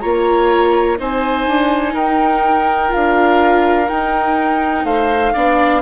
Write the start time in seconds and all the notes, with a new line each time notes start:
0.00 A#3 F4 C#5 A#5
0.97 C4 D#4 C5 G#5
1.47 D4
1.94 D#4 A#4 G5
2.89 F4 F5
2.95 D4
3.89 D#4 G5
4.84 A3 C5 F5
5.33 B3 D4 D5